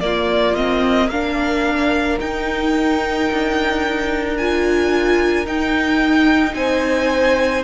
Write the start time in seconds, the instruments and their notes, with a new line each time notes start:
0.00 cello A#3, viola A#3, violin F4 D5
0.55 viola C4, violin D#5
1.07 viola D4, violin A#4 F5
2.19 viola D#4, cello D#4, violin G5
3.31 cello D4
4.37 viola F4, violin G#5
5.45 viola D#4, cello D#4, violin G5
6.54 cello C4, violin C5 G#5